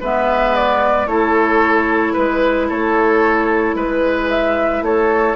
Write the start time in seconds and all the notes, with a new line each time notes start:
0.00 G#3 B3 B4 E5
0.55 D5
1.06 A3 E4 A4 C#5
2.13 G#3 B4
2.69 A3 A4 C#5
3.74 G#3 B4
4.30 E5
4.81 A3 A4 C#5